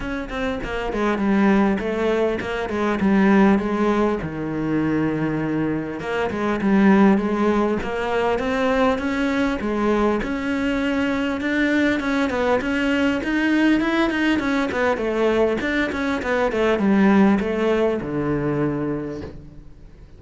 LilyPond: \new Staff \with { instrumentName = "cello" } { \time 4/4 \tempo 4 = 100 cis'8 c'8 ais8 gis8 g4 a4 | ais8 gis8 g4 gis4 dis4~ | dis2 ais8 gis8 g4 | gis4 ais4 c'4 cis'4 |
gis4 cis'2 d'4 | cis'8 b8 cis'4 dis'4 e'8 dis'8 | cis'8 b8 a4 d'8 cis'8 b8 a8 | g4 a4 d2 | }